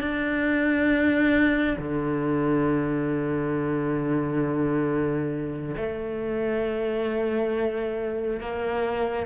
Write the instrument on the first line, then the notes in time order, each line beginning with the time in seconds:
cello
0.00 D4
1.78 D3
5.76 A3
8.40 A#3